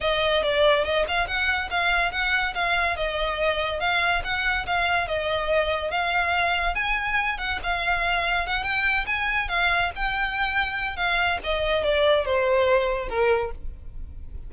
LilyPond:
\new Staff \with { instrumentName = "violin" } { \time 4/4 \tempo 4 = 142 dis''4 d''4 dis''8 f''8 fis''4 | f''4 fis''4 f''4 dis''4~ | dis''4 f''4 fis''4 f''4 | dis''2 f''2 |
gis''4. fis''8 f''2 | fis''8 g''4 gis''4 f''4 g''8~ | g''2 f''4 dis''4 | d''4 c''2 ais'4 | }